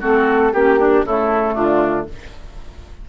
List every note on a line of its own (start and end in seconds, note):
0.00 0.53 A3
0.00 0.52 C4
0.00 0.52 F#4
0.00 0.53 A4
0.53 1.03 A#3
0.53 0.78 C#4
0.53 1.04 G4
0.53 0.79 G4
0.78 1.04 D4
0.78 1.05 D4
1.03 1.55 C#3
1.03 2.09 A3
1.03 1.54 E4
1.03 1.55 A4
1.54 2.06 D3
1.54 2.05 D4
1.54 2.06 F4